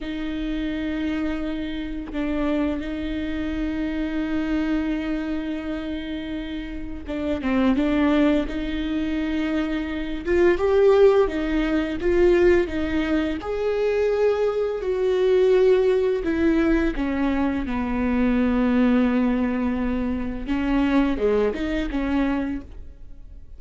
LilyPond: \new Staff \with { instrumentName = "viola" } { \time 4/4 \tempo 4 = 85 dis'2. d'4 | dis'1~ | dis'2 d'8 c'8 d'4 | dis'2~ dis'8 f'8 g'4 |
dis'4 f'4 dis'4 gis'4~ | gis'4 fis'2 e'4 | cis'4 b2.~ | b4 cis'4 gis8 dis'8 cis'4 | }